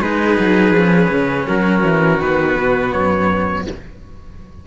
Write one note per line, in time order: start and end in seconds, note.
0.00 0.37 G#3
0.00 0.75 D#4
0.00 1.46 G#4
0.00 1.47 B4
0.39 0.71 F#3
0.71 1.07 F3
0.71 2.20 C#4
1.09 1.45 C#3
1.46 1.83 F#3
1.46 3.65 F#4
1.46 2.21 A#4
1.83 2.19 E3
2.19 2.56 D#3
2.19 3.66 B3
2.19 2.92 B4
2.56 2.93 B2
2.92 3.66 F#2
2.92 3.65 C#5